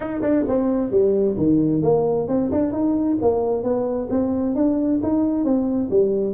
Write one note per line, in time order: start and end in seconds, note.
0.00 0.20 D#4
0.21 0.44 D4
0.48 0.90 C4
0.90 1.36 G3
1.37 1.82 D#3
1.82 2.27 A#3
2.28 2.50 C4
2.51 2.72 D4
2.72 3.17 D#4
3.21 3.63 A#3
3.63 4.08 B3
4.10 4.55 C4
4.55 5.00 D4
5.02 5.44 D#4
5.44 5.89 C4
5.90 6.33 G3